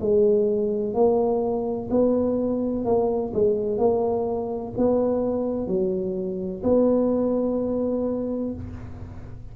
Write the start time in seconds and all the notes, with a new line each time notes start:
0.00 G#3
0.94 A#3
1.90 B3
2.84 A#3
3.34 G#3
3.78 A#3
4.77 B3
5.67 F#3
6.63 B3